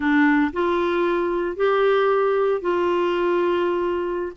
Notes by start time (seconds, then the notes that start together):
0.00 D4
0.52 F4
1.56 G4
2.61 F4